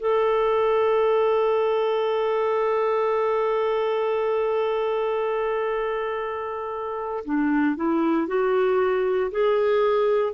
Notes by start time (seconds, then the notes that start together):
0.00 A4
7.26 D4
7.76 E4
8.28 F#4
9.32 G#4